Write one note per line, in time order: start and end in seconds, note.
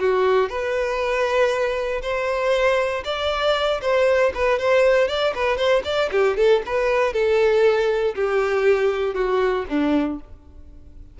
0.00 0.49 F#4
0.49 2.02 B4
2.02 3.04 C5
3.05 3.81 D5
3.82 4.33 C5
4.35 4.59 B4
4.59 5.08 C5
5.08 5.34 D5
5.35 5.57 B4
5.57 5.83 C5
5.85 6.10 D5
6.12 6.37 G4
6.37 6.63 A4
6.66 7.13 B4
7.13 8.15 A4
8.16 9.15 G4
9.15 9.66 F#4
9.69 10.20 D4